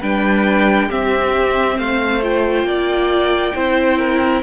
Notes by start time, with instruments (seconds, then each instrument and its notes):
0.00 cello G3, viola D4, violin B4 G5
0.88 viola C4, cello C4, violin G4 E5
1.78 cello A3, violin C5 F5
2.22 viola F4, violin G5
2.64 cello A#3, violin D5
3.54 cello C4, viola E4, violin C5
3.98 violin A#4